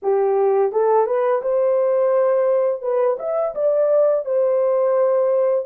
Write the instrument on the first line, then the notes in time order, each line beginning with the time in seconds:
horn
0.02 G4
0.72 A4
1.06 B4
1.41 C5
2.81 B4
3.19 E5
3.54 D5
4.25 C5